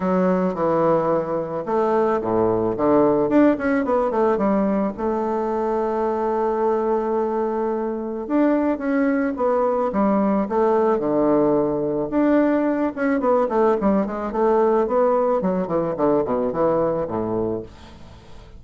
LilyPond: \new Staff \with { instrumentName = "bassoon" } { \time 4/4 \tempo 4 = 109 fis4 e2 a4 | a,4 d4 d'8 cis'8 b8 a8 | g4 a2.~ | a2. d'4 |
cis'4 b4 g4 a4 | d2 d'4. cis'8 | b8 a8 g8 gis8 a4 b4 | fis8 e8 d8 b,8 e4 a,4 | }